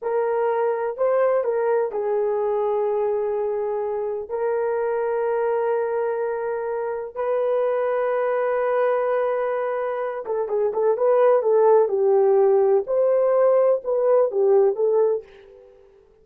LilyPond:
\new Staff \with { instrumentName = "horn" } { \time 4/4 \tempo 4 = 126 ais'2 c''4 ais'4 | gis'1~ | gis'4 ais'2.~ | ais'2. b'4~ |
b'1~ | b'4. a'8 gis'8 a'8 b'4 | a'4 g'2 c''4~ | c''4 b'4 g'4 a'4 | }